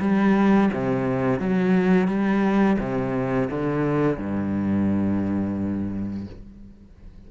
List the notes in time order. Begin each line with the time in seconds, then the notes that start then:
0.00 G3
0.73 C3
1.39 F#3
2.08 G3
2.79 C3
3.50 D3
4.17 G2